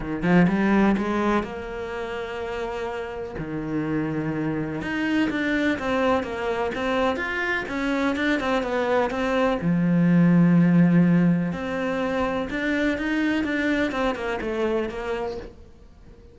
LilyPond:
\new Staff \with { instrumentName = "cello" } { \time 4/4 \tempo 4 = 125 dis8 f8 g4 gis4 ais4~ | ais2. dis4~ | dis2 dis'4 d'4 | c'4 ais4 c'4 f'4 |
cis'4 d'8 c'8 b4 c'4 | f1 | c'2 d'4 dis'4 | d'4 c'8 ais8 a4 ais4 | }